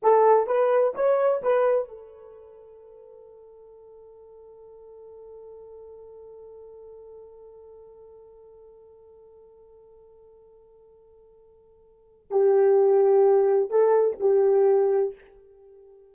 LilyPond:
\new Staff \with { instrumentName = "horn" } { \time 4/4 \tempo 4 = 127 a'4 b'4 cis''4 b'4 | a'1~ | a'1~ | a'1~ |
a'1~ | a'1~ | a'2 g'2~ | g'4 a'4 g'2 | }